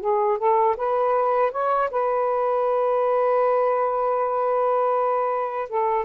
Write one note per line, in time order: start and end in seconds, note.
0.00 0.38 G#4
0.38 0.76 A4
0.77 1.52 B4
1.52 1.90 C#5
1.91 5.69 B4
5.69 6.05 A4